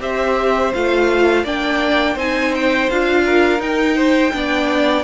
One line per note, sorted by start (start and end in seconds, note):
0.00 0.73 C4
0.00 0.72 G4
0.00 1.44 C5
0.00 0.74 E5
0.74 1.44 A3
0.74 1.45 F4
0.74 1.46 F5
1.44 2.16 A#3
1.44 2.18 D4
1.44 2.15 D5
1.44 2.19 G5
2.15 2.88 C4
2.15 2.90 D#4
2.15 3.23 C5
2.15 2.55 G#5
2.55 2.90 G5
2.90 3.60 D4
2.90 3.59 F4
2.90 3.62 F5
3.26 3.96 A#4
3.59 4.31 D#4
3.59 4.33 D#4
3.59 5.04 G5
3.96 4.32 C5
4.33 5.04 B3
4.33 5.04 D4
4.33 5.04 D5